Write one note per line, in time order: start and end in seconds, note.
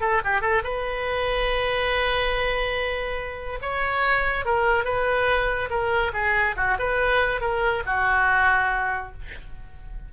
0.00 0.21 A4
0.24 0.41 G4
0.41 0.62 A4
0.63 3.59 B4
3.61 4.45 C#5
4.45 4.84 A#4
4.84 5.69 B4
5.70 6.12 A#4
6.13 6.55 G#4
6.56 6.77 F#4
6.78 7.40 B4
7.40 7.82 A#4
7.86 9.12 F#4